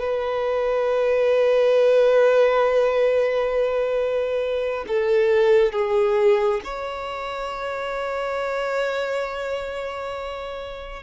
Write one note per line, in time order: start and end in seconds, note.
0.00 4.85 B4
4.88 5.73 A4
5.73 6.61 G#4
6.64 11.03 C#5